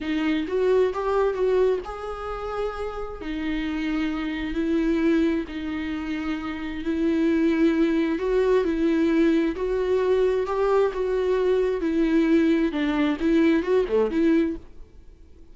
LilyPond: \new Staff \with { instrumentName = "viola" } { \time 4/4 \tempo 4 = 132 dis'4 fis'4 g'4 fis'4 | gis'2. dis'4~ | dis'2 e'2 | dis'2. e'4~ |
e'2 fis'4 e'4~ | e'4 fis'2 g'4 | fis'2 e'2 | d'4 e'4 fis'8 a8 e'4 | }